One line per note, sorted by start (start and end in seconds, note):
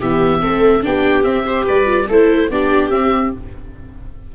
0.00 0.43 E3
0.00 0.42 B3
0.00 0.41 G4
0.00 0.84 E5
0.42 0.85 A3
0.42 0.83 C4
0.42 0.84 A4
0.83 1.25 B3
0.83 1.24 D4
0.83 1.47 G4
0.83 1.24 G5
1.24 1.45 C4
1.24 1.66 C4
1.24 1.66 E5
1.46 1.85 G4
1.46 1.64 C5
1.64 2.09 G3
1.64 2.06 B4
1.64 2.09 D5
1.85 2.06 F4
2.09 2.50 A3
2.09 2.52 E4
2.09 2.50 A4
2.09 2.51 C5
2.50 2.91 B3
2.50 2.92 D4
2.50 3.35 G4
2.50 2.90 D5
2.90 3.32 C4
2.90 3.33 C4
2.90 3.32 E5